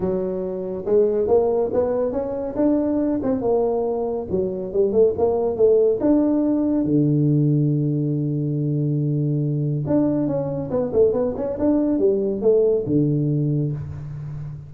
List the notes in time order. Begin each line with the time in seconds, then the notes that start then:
0.00 F#3
0.85 G#3
1.27 A#3
1.73 B3
2.12 C#4
2.56 D4
3.22 C4
3.41 A#3
4.30 F#3
4.72 G3
4.92 A3
5.18 A#3
5.56 A3
6.00 D4
6.84 D3
9.86 D4
10.27 C#4
10.70 B3
10.93 A3
11.13 B3
11.36 C#4
11.59 D4
11.98 G3
12.41 A3
12.86 D3